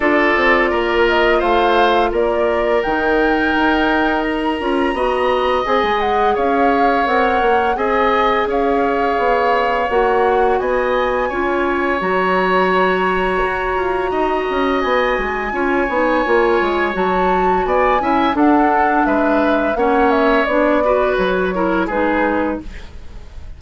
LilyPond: <<
  \new Staff \with { instrumentName = "flute" } { \time 4/4 \tempo 4 = 85 d''4. dis''8 f''4 d''4 | g''2 ais''2 | gis''8 fis''8 f''4 fis''4 gis''4 | f''2 fis''4 gis''4~ |
gis''4 ais''2.~ | ais''4 gis''2. | a''4 gis''4 fis''4 e''4 | fis''8 e''8 d''4 cis''4 b'4 | }
  \new Staff \with { instrumentName = "oboe" } { \time 4/4 a'4 ais'4 c''4 ais'4~ | ais'2. dis''4~ | dis''4 cis''2 dis''4 | cis''2. dis''4 |
cis''1 | dis''2 cis''2~ | cis''4 d''8 e''8 a'4 b'4 | cis''4. b'4 ais'8 gis'4 | }
  \new Staff \with { instrumentName = "clarinet" } { \time 4/4 f'1 | dis'2~ dis'8 f'8 fis'4 | gis'2 ais'4 gis'4~ | gis'2 fis'2 |
f'4 fis'2.~ | fis'2 f'8 dis'8 f'4 | fis'4. e'8 d'2 | cis'4 d'8 fis'4 e'8 dis'4 | }
  \new Staff \with { instrumentName = "bassoon" } { \time 4/4 d'8 c'8 ais4 a4 ais4 | dis4 dis'4. cis'8 b4 | c'16 gis8. cis'4 c'8 ais8 c'4 | cis'4 b4 ais4 b4 |
cis'4 fis2 fis'8 f'8 | dis'8 cis'8 b8 gis8 cis'8 b8 ais8 gis8 | fis4 b8 cis'8 d'4 gis4 | ais4 b4 fis4 gis4 | }
>>